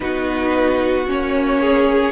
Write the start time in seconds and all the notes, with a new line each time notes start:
0.00 B3 D#4 F#4 B4
1.06 A#3 C#4 C#5
1.60 G#4